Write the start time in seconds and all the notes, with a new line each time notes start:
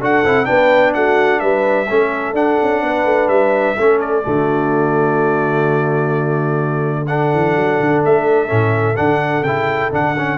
0.00 D4 F#4 A4 F#5
0.24 C4 E4
0.45 B3 D4 B4 G5
0.94 A3 F#4 F#5
1.39 G3 B4 E5
1.89 A3 C#4 A4
2.33 D4 F#5
2.62 C#4
2.82 B3 B4
3.05 A3
3.28 G3 E5
3.77 A3 C#4 A4
4.00 D5
4.23 D3 A3 F#4
7.07 D4 A4 F#5
7.33 E3
7.56 F#3
7.80 D3
8.05 A3 E5
8.47 A2 C#4
8.96 D3 D4 F#5
9.42 C#3 E4 G5
9.92 D3 D4 F#5
10.18 C#4